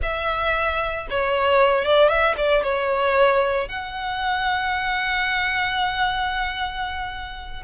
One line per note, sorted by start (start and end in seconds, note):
0.02 1.07 E5
1.10 1.84 C#5
1.84 2.08 D5
2.08 2.34 E5
2.37 2.63 D5
2.63 3.68 C#5
3.68 7.63 F#5